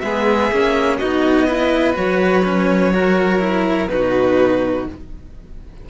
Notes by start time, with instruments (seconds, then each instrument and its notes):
0.00 cello G#3 B3, violin G#4 E5
0.52 cello A#3 C#4
0.99 cello B3 D#4, violin F#4 D#5
1.47 cello E4, violin B4
1.94 cello F#3 F#4, violin C#5
2.45 cello C#4
2.93 cello F#4, violin A#4
3.39 cello E4
3.89 cello B2 D#4, violin F#4 B4